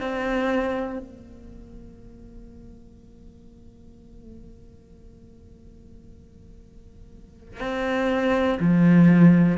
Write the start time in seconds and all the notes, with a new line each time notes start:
0.00 C4
0.98 A#3
7.60 C4
8.60 F3